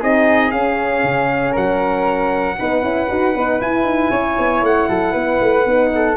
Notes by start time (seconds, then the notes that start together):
0.00 C4 D#4 G#4 D#5
0.51 C#4 F5
1.04 C#3
1.52 F#3 A#4 F#5
2.59 B3 D#4 B4
2.82 C#4 E4
3.09 D#4 F#4
3.35 B3 D#4
3.60 E4 G#5
3.83 D#4
4.11 C#4 C#5
4.39 B3
4.62 A3 F#5
4.88 F#3 A4
5.12 B3 B4
5.41 A3
5.65 B3 D#4
5.95 A4